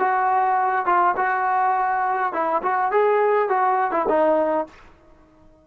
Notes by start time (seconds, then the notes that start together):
0.00 F#4
0.86 F4
1.17 F#4
2.33 E4
2.63 F#4
2.92 G#4
3.50 F#4
3.92 E4
4.09 D#4